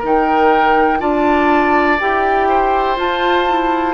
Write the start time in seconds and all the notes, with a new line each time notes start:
0.00 D#3 D#4 A#4
0.06 G5
1.00 D4 F4 D5 A5
2.00 E4 G4 G5
2.49 C5
2.97 F4 A5
3.49 E4